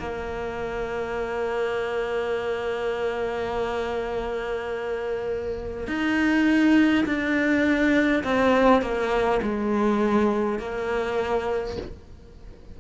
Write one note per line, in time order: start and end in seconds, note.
0.00 5.88 A#3
5.88 7.05 D#4
7.06 8.24 D4
8.24 8.82 C4
8.82 9.41 A#3
9.42 10.59 G#3
10.59 11.77 A#3